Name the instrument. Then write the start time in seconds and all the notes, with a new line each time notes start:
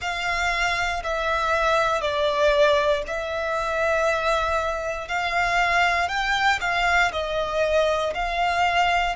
violin
0.01 F5
1.04 E5
2.01 D5
3.07 E5
5.08 F5
6.08 G5
6.61 F5
7.11 D#5
8.14 F5